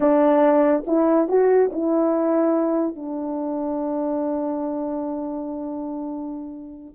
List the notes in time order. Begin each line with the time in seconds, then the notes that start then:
0.00 D4
0.86 E4
1.28 F#4
1.72 E4
2.95 D4